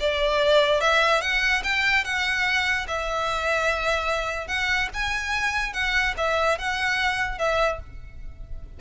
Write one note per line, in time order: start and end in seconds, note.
0.00 0.81 D5
0.81 1.21 E5
1.21 1.62 F#5
1.63 2.04 G5
2.04 2.86 F#5
2.87 4.47 E5
4.47 4.88 F#5
4.93 5.73 G#5
5.73 6.14 F#5
6.17 6.58 E5
6.58 7.38 F#5
7.38 7.79 E5